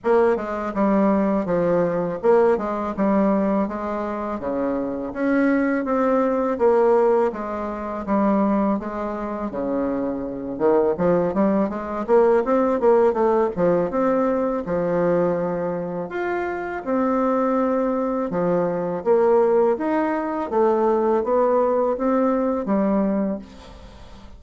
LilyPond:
\new Staff \with { instrumentName = "bassoon" } { \time 4/4 \tempo 4 = 82 ais8 gis8 g4 f4 ais8 gis8 | g4 gis4 cis4 cis'4 | c'4 ais4 gis4 g4 | gis4 cis4. dis8 f8 g8 |
gis8 ais8 c'8 ais8 a8 f8 c'4 | f2 f'4 c'4~ | c'4 f4 ais4 dis'4 | a4 b4 c'4 g4 | }